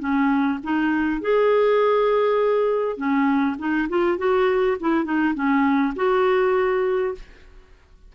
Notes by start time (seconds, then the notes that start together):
0.00 C#4
0.64 D#4
1.21 G#4
2.97 C#4
3.59 D#4
3.89 F4
4.18 F#4
4.81 E4
5.05 D#4
5.35 C#4
5.96 F#4